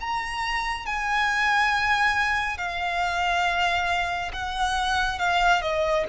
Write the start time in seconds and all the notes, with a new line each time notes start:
0.00 A#5
0.86 G#5
2.57 F5
4.32 F#5
5.19 F5
5.61 D#5